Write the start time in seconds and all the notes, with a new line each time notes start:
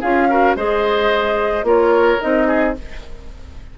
0.00 C#4 F4 G#4 F5
0.29 F#4 A#4
0.55 G#3 G#4 C5 D#5
1.63 A#3 F4 A#4 C#5
2.19 C4 D#4 D#5
2.47 G#4